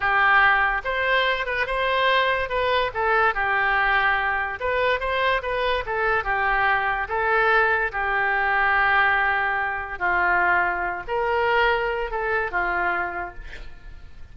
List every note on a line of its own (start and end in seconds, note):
0.00 0.81 G4
0.84 1.45 C5
1.45 1.66 B4
1.66 2.49 C5
2.49 2.91 B4
2.93 3.34 A4
3.34 4.59 G4
4.59 4.99 B4
4.99 5.41 C5
5.42 5.84 B4
5.86 6.24 A4
6.24 7.07 G4
7.08 7.91 A4
7.92 9.98 G4
9.98 11.03 F4
11.07 12.10 A#4
12.10 12.51 A4
12.51 13.34 F4